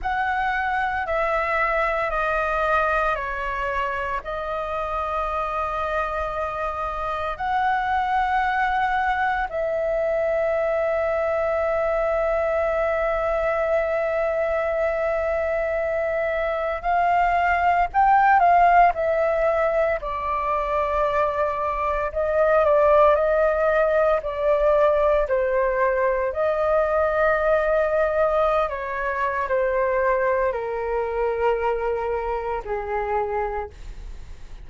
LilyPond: \new Staff \with { instrumentName = "flute" } { \time 4/4 \tempo 4 = 57 fis''4 e''4 dis''4 cis''4 | dis''2. fis''4~ | fis''4 e''2.~ | e''1 |
f''4 g''8 f''8 e''4 d''4~ | d''4 dis''8 d''8 dis''4 d''4 | c''4 dis''2~ dis''16 cis''8. | c''4 ais'2 gis'4 | }